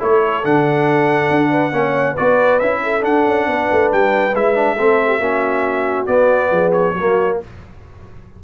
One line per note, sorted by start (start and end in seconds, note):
0.00 0.45 A3
0.00 0.43 E4
0.00 1.51 A4
0.00 0.45 C#5
0.44 1.30 D3
0.44 1.72 D4
0.44 2.17 F#5
1.30 1.72 D4
1.51 1.72 B4
1.72 2.16 A#3
1.72 2.16 C#4
1.72 2.13 C#5
2.13 2.61 F#4
2.13 2.78 B4
2.13 2.60 D5
2.20 2.61 B3
2.60 3.04 C#4
2.60 3.01 E4
2.60 3.03 E5
2.83 3.48 A4
3.01 4.31 D4
3.01 3.26 D4
3.01 3.92 F#5
3.26 3.47 C#4
3.47 3.69 B3
3.47 4.76 B4
3.72 3.93 A3
3.93 4.34 G3
3.93 4.36 G5
4.34 4.78 G#3
4.34 4.55 E4
4.34 6.06 E5
4.55 4.77 D4
4.76 5.19 A3
4.76 5.21 C4
4.76 5.08 A4
5.08 5.19 G4
5.19 6.06 A#3
5.19 6.07 C#4
5.19 6.51 F#4
6.06 6.94 B3
6.06 6.51 B3
6.06 6.72 D5
6.51 6.94 F3
6.51 6.95 G#4
6.72 7.38 C#5
6.94 7.38 F#3
6.94 7.44 A#3
6.94 7.38 F#4